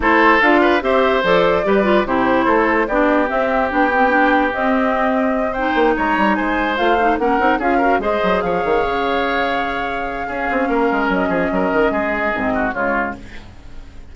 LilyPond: <<
  \new Staff \with { instrumentName = "flute" } { \time 4/4 \tempo 4 = 146 c''4 f''4 e''4 d''4~ | d''4 c''2 d''4 | e''4 g''2 dis''4~ | dis''4. g''4 ais''4 gis''8~ |
gis''8 f''4 fis''4 f''4 dis''8~ | dis''8 f''2.~ f''8~ | f''2. dis''4~ | dis''2. cis''4 | }
  \new Staff \with { instrumentName = "oboe" } { \time 4/4 a'4. b'8 c''2 | b'4 g'4 a'4 g'4~ | g'1~ | g'4. c''4 cis''4 c''8~ |
c''4. ais'4 gis'8 ais'8 c''8~ | c''8 cis''2.~ cis''8~ | cis''4 gis'4 ais'4. gis'8 | ais'4 gis'4. fis'8 f'4 | }
  \new Staff \with { instrumentName = "clarinet" } { \time 4/4 e'4 f'4 g'4 a'4 | g'8 f'8 e'2 d'4 | c'4 d'8 c'8 d'4 c'4~ | c'4. dis'2~ dis'8~ |
dis'8 f'8 dis'8 cis'8 dis'8 f'8 fis'8 gis'8~ | gis'1~ | gis'4 cis'2.~ | cis'2 c'4 gis4 | }
  \new Staff \with { instrumentName = "bassoon" } { \time 4/4 a4 d'4 c'4 f4 | g4 c4 a4 b4 | c'4 b2 c'4~ | c'2 ais8 gis8 g8 gis8~ |
gis8 a4 ais8 c'8 cis'4 gis8 | fis8 f8 dis8 cis2~ cis8~ | cis4 cis'8 c'8 ais8 gis8 fis8 f8 | fis8 dis8 gis4 gis,4 cis4 | }
>>